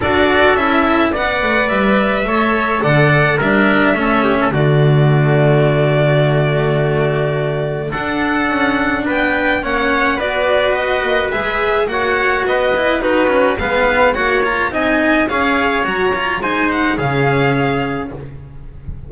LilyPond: <<
  \new Staff \with { instrumentName = "violin" } { \time 4/4 \tempo 4 = 106 d''4 e''4 fis''4 e''4~ | e''4 fis''4 e''2 | d''1~ | d''2 fis''2 |
g''4 fis''4 d''4 dis''4 | e''4 fis''4 dis''4 b'4 | f''4 fis''8 ais''8 gis''4 f''4 | ais''4 gis''8 fis''8 f''2 | }
  \new Staff \with { instrumentName = "trumpet" } { \time 4/4 a'2 d''2 | cis''4 d''4 ais'4 a'8 g'16 a'16 | fis'1~ | fis'2 a'2 |
b'4 cis''4 b'2~ | b'4 cis''4 b'4 fis'4 | b'4 cis''4 dis''4 cis''4~ | cis''4 c''4 gis'2 | }
  \new Staff \with { instrumentName = "cello" } { \time 4/4 fis'4 e'4 b'2 | a'2 d'4 cis'4 | a1~ | a2 d'2~ |
d'4 cis'4 fis'2 | gis'4 fis'4. e'8 dis'8 cis'8 | b4 fis'8 f'8 dis'4 gis'4 | fis'8 f'8 dis'4 cis'2 | }
  \new Staff \with { instrumentName = "double bass" } { \time 4/4 d'4 cis'4 b8 a8 g4 | a4 d4 g4 a4 | d1~ | d2 d'4 cis'4 |
b4 ais4 b4. ais8 | gis4 ais4 b4 dis'4 | gis4 ais4 c'4 cis'4 | fis4 gis4 cis2 | }
>>